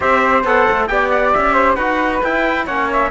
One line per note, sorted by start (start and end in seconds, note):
0.00 0.44 C4
0.00 0.44 G4
0.00 0.88 C5
0.00 0.45 E5
0.44 0.66 B3
0.44 0.88 A4
0.44 0.87 F#5
0.71 0.89 A3
0.87 1.34 B3
0.87 1.77 G4
0.87 1.53 D5
0.87 1.09 G5
1.11 1.33 F#5
1.33 1.76 C#4
1.33 1.75 E5
1.53 1.75 C5
1.75 2.21 D#4
1.75 2.23 F#4
1.75 2.64 B4
1.75 2.19 F#5
2.23 2.66 E4
2.23 2.67 E4
2.23 2.66 G5
2.66 3.11 A#3
2.66 3.11 C#4
2.66 3.10 C#5
2.66 2.89 F#5
2.92 3.11 E5